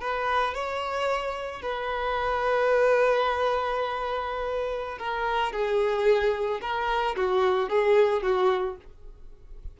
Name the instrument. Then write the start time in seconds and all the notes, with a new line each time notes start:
violin
0.00 B4
0.54 C#5
1.62 B4
4.98 A#4
5.52 G#4
6.61 A#4
7.16 F#4
7.69 G#4
8.22 F#4